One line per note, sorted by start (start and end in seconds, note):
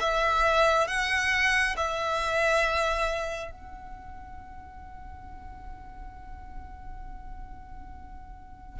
0.00 0.87 E5
0.87 1.75 F#5
1.76 3.51 E5
3.51 8.80 F#5